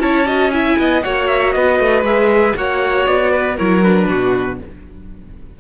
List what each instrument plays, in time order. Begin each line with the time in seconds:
0.00 cello C#4, viola E4, violin C#5, trumpet A5
0.26 viola F#4, violin D#5
0.51 viola E4, violin E5, trumpet G#5
0.78 cello B3, violin D#5
1.03 cello A#3, viola F#4, violin C#5, trumpet F#5
1.28 trumpet E5
1.53 cello B3, violin B4, trumpet D#5
1.80 cello A3
2.03 cello G#3, viola G#4, trumpet E5
2.55 cello A#3, viola F#4, violin C#5, trumpet F#5
3.07 cello B3, trumpet D5
3.32 violin B4
3.57 cello F#3, viola E4, violin A#4, trumpet C#5
3.84 viola D4, trumpet B4
4.08 cello B2, violin F#4